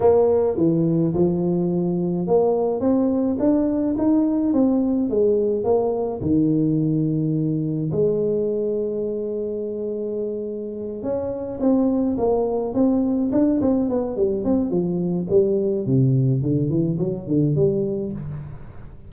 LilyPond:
\new Staff \with { instrumentName = "tuba" } { \time 4/4 \tempo 4 = 106 ais4 e4 f2 | ais4 c'4 d'4 dis'4 | c'4 gis4 ais4 dis4~ | dis2 gis2~ |
gis2.~ gis8 cis'8~ | cis'8 c'4 ais4 c'4 d'8 | c'8 b8 g8 c'8 f4 g4 | c4 d8 e8 fis8 d8 g4 | }